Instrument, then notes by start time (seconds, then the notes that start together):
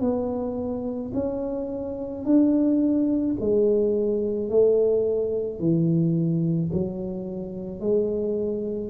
tuba
0.00 B3
1.14 C#4
2.25 D4
3.40 G#3
4.49 A3
5.59 E3
6.72 F#3
7.80 G#3